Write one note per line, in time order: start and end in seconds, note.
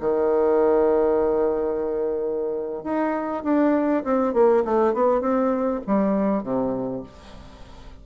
0.00 2.83 D#3
2.83 3.43 D#4
3.44 4.04 D4
4.04 4.33 C4
4.33 4.63 A#3
4.64 4.93 A3
4.93 5.21 B3
5.21 5.81 C4
5.86 6.43 G3
6.43 7.03 C3